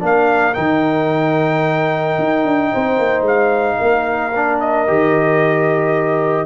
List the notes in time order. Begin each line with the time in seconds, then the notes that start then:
0.00 A#3 D4 A#4 F5
0.54 D#3 D#4 G5
2.19 D#4
2.45 D4
2.72 C4 C5
2.99 A#3
3.22 G#3 F5
3.78 A#3 A#4
4.36 D4
4.60 D#5
4.87 D#3 G4